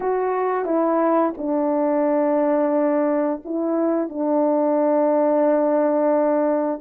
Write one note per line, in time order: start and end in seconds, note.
0.00 0.65 F#4
0.65 1.33 E4
1.37 3.42 D4
3.44 4.09 E4
4.09 6.80 D4